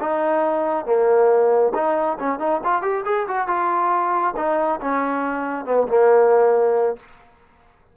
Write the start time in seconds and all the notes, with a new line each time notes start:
0.00 D#4
0.86 A#3
1.74 D#4
2.19 C#4
2.39 D#4
2.64 F4
2.82 G4
3.05 G#4
3.27 F#4
3.47 F4
4.36 D#4
4.81 C#4
5.65 B3
5.88 A#3